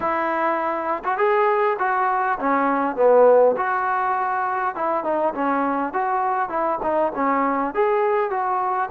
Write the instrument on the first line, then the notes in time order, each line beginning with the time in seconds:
trombone
0.00 E4
1.04 F#4
1.17 G#4
1.78 F#4
2.39 C#4
2.96 B3
3.56 F#4
4.75 E4
5.04 D#4
5.34 C#4
5.93 F#4
6.49 E4
6.82 D#4
7.15 C#4
7.74 G#4
8.30 F#4